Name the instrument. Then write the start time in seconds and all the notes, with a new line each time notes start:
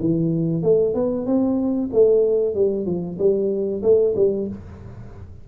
tuba
0.00 E3
0.63 A3
0.94 B3
1.26 C4
1.93 A3
2.54 G3
2.86 F3
3.18 G3
3.82 A3
4.16 G3